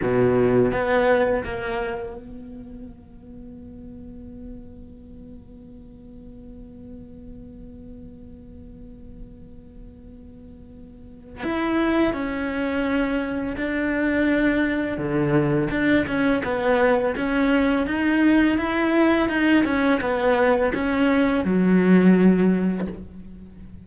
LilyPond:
\new Staff \with { instrumentName = "cello" } { \time 4/4 \tempo 4 = 84 b,4 b4 ais4 b4~ | b1~ | b1~ | b1 |
e'4 cis'2 d'4~ | d'4 d4 d'8 cis'8 b4 | cis'4 dis'4 e'4 dis'8 cis'8 | b4 cis'4 fis2 | }